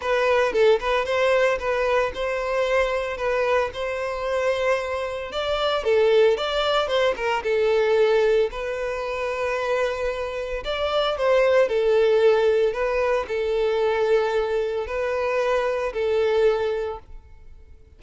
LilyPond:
\new Staff \with { instrumentName = "violin" } { \time 4/4 \tempo 4 = 113 b'4 a'8 b'8 c''4 b'4 | c''2 b'4 c''4~ | c''2 d''4 a'4 | d''4 c''8 ais'8 a'2 |
b'1 | d''4 c''4 a'2 | b'4 a'2. | b'2 a'2 | }